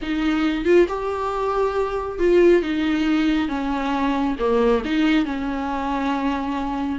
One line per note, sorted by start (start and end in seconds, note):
0.01 0.64 D#4
0.64 0.86 F4
0.88 2.18 G4
2.18 2.62 F4
2.62 3.48 D#4
3.48 4.36 C#4
4.39 4.83 A#3
4.84 5.25 D#4
5.25 6.99 C#4